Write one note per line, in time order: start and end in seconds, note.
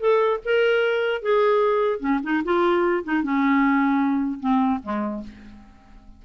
0.00 0.40 A4
0.45 1.22 A#4
1.22 2.00 G#4
2.00 2.20 C#4
2.23 2.43 D#4
2.44 3.04 F4
3.04 3.23 D#4
3.23 4.40 C#4
4.40 4.80 C4
4.83 5.23 G#3